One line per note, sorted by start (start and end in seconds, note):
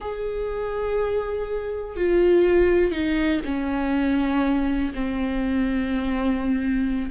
0.00 1.96 G#4
1.96 2.91 F4
2.91 3.40 D#4
3.45 4.92 C#4
4.94 7.10 C4